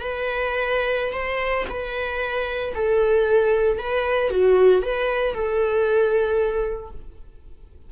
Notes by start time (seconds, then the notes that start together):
0.00 B4
1.13 C5
1.70 B4
2.75 A4
3.79 B4
4.30 F#4
4.82 B4
5.34 A4